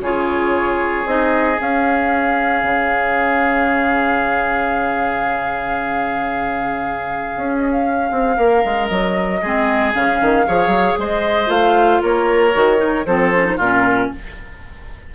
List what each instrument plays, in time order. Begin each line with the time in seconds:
0.00 bassoon C#3, clarinet F4, oboe G#4, flute C#5
1.05 bassoon C4, clarinet D#4, flute D#5
1.57 clarinet C#4, bassoon C#4, flute F5
2.63 bassoon C#3
7.36 bassoon C#4
7.57 flute D#5
7.71 flute F5
8.11 bassoon C4
8.37 bassoon A#3, oboe A#4
8.64 bassoon G#3
8.88 bassoon F#3, flute D#5
9.41 bassoon G#3, clarinet C4, oboe G#4
9.94 bassoon C#3, clarinet C#4, flute F5
10.21 bassoon D#3
10.47 bassoon F3, clarinet G#4, oboe C#5
10.67 bassoon F#3
10.98 bassoon G#3, oboe C5, flute D#5
11.46 bassoon A3, clarinet F4, flute F5
12.02 bassoon A#3, oboe A#4, flute C#5
12.54 bassoon D#3, clarinet F#4
12.77 clarinet D#4
13.06 bassoon F3, clarinet C4, oboe A4, flute C5
13.35 clarinet C#4
13.45 clarinet D#4
13.56 bassoon A#2, oboe F4, flute A#4
13.62 clarinet C#4